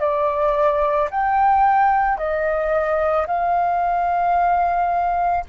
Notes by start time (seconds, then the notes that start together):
0.00 D5
1.11 G5
2.18 D#5
3.27 F5